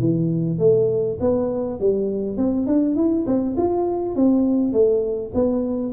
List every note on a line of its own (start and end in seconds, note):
0.00 0.59 E3
0.59 1.19 A3
1.21 1.80 B3
1.80 2.37 G3
2.37 2.67 C4
2.67 2.96 D4
2.96 3.26 E4
3.27 3.57 C4
3.58 4.16 F4
4.16 4.73 C4
4.73 5.32 A3
5.35 5.94 B3